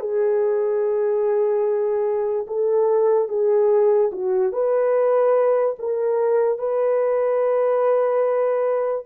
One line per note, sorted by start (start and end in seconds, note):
0.00 2.47 G#4
2.47 3.28 A4
3.28 4.11 G#4
4.12 4.52 F#4
4.52 5.76 B4
5.79 6.58 A#4
6.58 9.05 B4